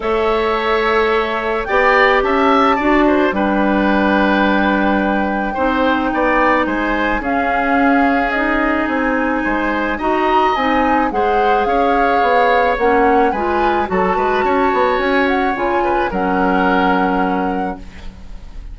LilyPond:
<<
  \new Staff \with { instrumentName = "flute" } { \time 4/4 \tempo 4 = 108 e''2. g''4 | a''2 g''2~ | g''1 | gis''4 f''2 dis''4 |
gis''2 ais''4 gis''4 | fis''4 f''2 fis''4 | gis''4 a''2 gis''8 fis''8 | gis''4 fis''2. | }
  \new Staff \with { instrumentName = "oboe" } { \time 4/4 cis''2. d''4 | e''4 d''8 c''8 b'2~ | b'2 c''4 d''4 | c''4 gis'2.~ |
gis'4 c''4 dis''2 | c''4 cis''2. | b'4 a'8 b'8 cis''2~ | cis''8 b'8 ais'2. | }
  \new Staff \with { instrumentName = "clarinet" } { \time 4/4 a'2. g'4~ | g'4 fis'4 d'2~ | d'2 dis'2~ | dis'4 cis'2 dis'4~ |
dis'2 fis'4 dis'4 | gis'2. cis'4 | f'4 fis'2. | f'4 cis'2. | }
  \new Staff \with { instrumentName = "bassoon" } { \time 4/4 a2. b4 | cis'4 d'4 g2~ | g2 c'4 b4 | gis4 cis'2. |
c'4 gis4 dis'4 c'4 | gis4 cis'4 b4 ais4 | gis4 fis8 gis8 cis'8 b8 cis'4 | cis4 fis2. | }
>>